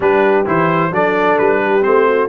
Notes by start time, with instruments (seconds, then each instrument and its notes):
0.00 tuba G3, trombone D4, horn G4, trumpet B4
0.45 tuba E3, trombone E4, trumpet C5
0.91 tuba F#3, trombone D4, horn A4, trumpet D5
1.38 tuba G3, trumpet B4
1.62 horn G4
1.81 tuba A3, trombone C4, trumpet C5
2.07 horn F#4